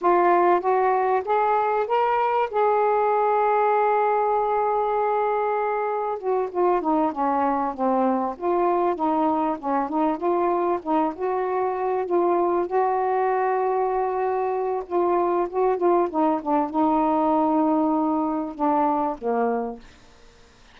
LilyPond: \new Staff \with { instrumentName = "saxophone" } { \time 4/4 \tempo 4 = 97 f'4 fis'4 gis'4 ais'4 | gis'1~ | gis'2 fis'8 f'8 dis'8 cis'8~ | cis'8 c'4 f'4 dis'4 cis'8 |
dis'8 f'4 dis'8 fis'4. f'8~ | f'8 fis'2.~ fis'8 | f'4 fis'8 f'8 dis'8 d'8 dis'4~ | dis'2 d'4 ais4 | }